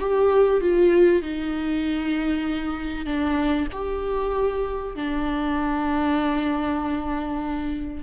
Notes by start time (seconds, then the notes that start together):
0.00 G4
0.61 F4
1.22 D#4
3.06 D4
3.72 G4
4.96 D4